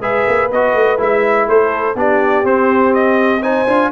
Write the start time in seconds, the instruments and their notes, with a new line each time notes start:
0.00 tuba G#3, trombone G#4, horn B4, trumpet E5
0.28 tuba A#3
0.51 tuba B3, trombone F#4, trumpet D#5
0.74 tuba A3
0.98 tuba G#3, trombone E4, trumpet E5
1.47 tuba A3, horn A4, trumpet C5
1.95 tuba B3, trombone D4, horn G4, trumpet D5
2.44 tuba C4, trombone C4, trumpet C5
2.94 trumpet D#5
3.42 trombone D#4, horn C5, trumpet G#5
3.68 tuba D4, trombone F4